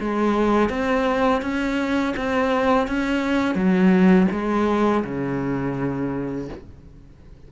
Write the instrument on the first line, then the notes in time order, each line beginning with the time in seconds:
cello
0.00 G#3
0.70 C4
1.42 C#4
2.17 C4
2.88 C#4
3.55 F#3
4.32 G#3
5.04 C#3